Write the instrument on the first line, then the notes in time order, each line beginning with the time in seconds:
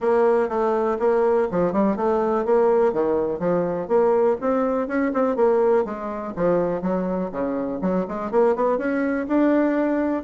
bassoon
0.00 A#3
0.49 A3
0.99 A#3
1.51 F3
1.72 G3
1.96 A3
2.45 A#3
2.93 D#3
3.39 F3
3.88 A#3
4.40 C4
4.87 C#4
5.13 C4
5.35 A#3
5.84 G#3
6.36 F3
6.81 F#3
7.31 C#3
7.81 F#3
8.08 G#3
8.31 A#3
8.55 B3
8.77 C#4
9.27 D4